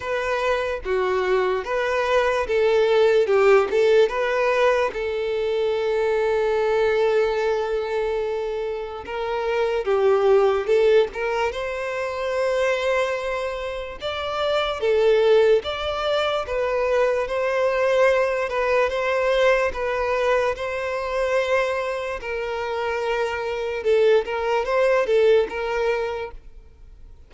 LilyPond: \new Staff \with { instrumentName = "violin" } { \time 4/4 \tempo 4 = 73 b'4 fis'4 b'4 a'4 | g'8 a'8 b'4 a'2~ | a'2. ais'4 | g'4 a'8 ais'8 c''2~ |
c''4 d''4 a'4 d''4 | b'4 c''4. b'8 c''4 | b'4 c''2 ais'4~ | ais'4 a'8 ais'8 c''8 a'8 ais'4 | }